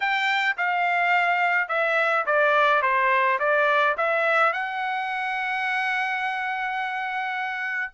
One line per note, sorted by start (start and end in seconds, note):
0.00 0.56 G5
0.57 1.68 F5
1.68 2.25 E5
2.26 2.81 D5
2.81 3.38 C5
3.39 3.95 D5
3.97 4.53 E5
4.53 7.92 F#5